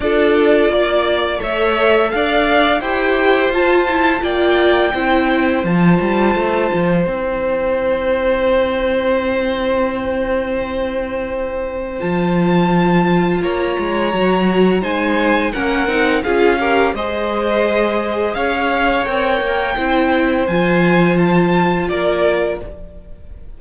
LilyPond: <<
  \new Staff \with { instrumentName = "violin" } { \time 4/4 \tempo 4 = 85 d''2 e''4 f''4 | g''4 a''4 g''2 | a''2 g''2~ | g''1~ |
g''4 a''2 ais''4~ | ais''4 gis''4 fis''4 f''4 | dis''2 f''4 g''4~ | g''4 gis''4 a''4 d''4 | }
  \new Staff \with { instrumentName = "violin" } { \time 4/4 a'4 d''4 cis''4 d''4 | c''2 d''4 c''4~ | c''1~ | c''1~ |
c''2. cis''4~ | cis''4 c''4 ais'4 gis'8 ais'8 | c''2 cis''2 | c''2. ais'4 | }
  \new Staff \with { instrumentName = "viola" } { \time 4/4 f'2 a'2 | g'4 f'8 e'8 f'4 e'4 | f'2 e'2~ | e'1~ |
e'4 f'2. | fis'4 dis'4 cis'8 dis'8 f'8 g'8 | gis'2. ais'4 | e'4 f'2. | }
  \new Staff \with { instrumentName = "cello" } { \time 4/4 d'4 ais4 a4 d'4 | e'4 f'4 ais4 c'4 | f8 g8 a8 f8 c'2~ | c'1~ |
c'4 f2 ais8 gis8 | fis4 gis4 ais8 c'8 cis'4 | gis2 cis'4 c'8 ais8 | c'4 f2 ais4 | }
>>